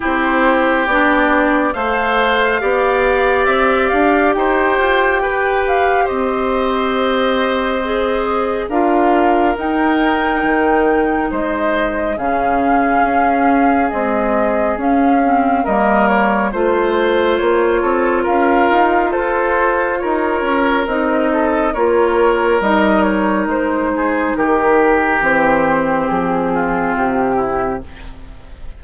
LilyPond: <<
  \new Staff \with { instrumentName = "flute" } { \time 4/4 \tempo 4 = 69 c''4 d''4 f''2 | e''8 f''8 g''4. f''8 dis''4~ | dis''2 f''4 g''4~ | g''4 dis''4 f''2 |
dis''4 f''4 dis''8 cis''8 c''4 | cis''4 f''4 c''4 cis''4 | dis''4 cis''4 dis''8 cis''8 c''4 | ais'4 c''4 gis'4 g'4 | }
  \new Staff \with { instrumentName = "oboe" } { \time 4/4 g'2 c''4 d''4~ | d''4 c''4 b'4 c''4~ | c''2 ais'2~ | ais'4 c''4 gis'2~ |
gis'2 ais'4 c''4~ | c''8 a'8 ais'4 a'4 ais'4~ | ais'8 a'8 ais'2~ ais'8 gis'8 | g'2~ g'8 f'4 e'8 | }
  \new Staff \with { instrumentName = "clarinet" } { \time 4/4 e'4 d'4 a'4 g'4~ | g'1~ | g'4 gis'4 f'4 dis'4~ | dis'2 cis'2 |
gis4 cis'8 c'8 ais4 f'4~ | f'1 | dis'4 f'4 dis'2~ | dis'4 c'2. | }
  \new Staff \with { instrumentName = "bassoon" } { \time 4/4 c'4 b4 a4 b4 | c'8 d'8 dis'8 f'8 g'4 c'4~ | c'2 d'4 dis'4 | dis4 gis4 cis4 cis'4 |
c'4 cis'4 g4 a4 | ais8 c'8 cis'8 dis'8 f'4 dis'8 cis'8 | c'4 ais4 g4 gis4 | dis4 e4 f4 c4 | }
>>